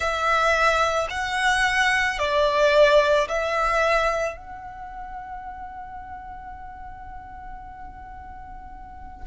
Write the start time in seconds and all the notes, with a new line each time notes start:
0.00 E5
1.10 F#5
2.18 D5
3.28 E5
4.36 F#5